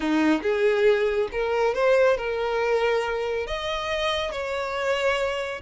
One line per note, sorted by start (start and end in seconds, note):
0.00 0.41 D#4
0.42 1.28 G#4
1.31 1.74 A#4
1.74 2.17 C5
2.17 3.46 A#4
3.46 4.31 D#5
4.31 5.61 C#5